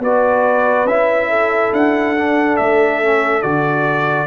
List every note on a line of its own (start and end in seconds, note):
0.00 0.86 B3
0.00 0.88 F#4
0.00 1.30 B4
0.00 0.88 D5
0.86 1.71 C#4
0.86 2.18 E4
0.86 1.74 E5
1.30 4.27 A4
1.73 2.59 D4
1.73 2.57 F#5
2.18 3.03 D4
2.57 3.44 A3
2.57 3.42 E5
3.03 3.43 C#4
3.42 4.27 D3
3.42 4.27 F#4
3.42 4.27 D5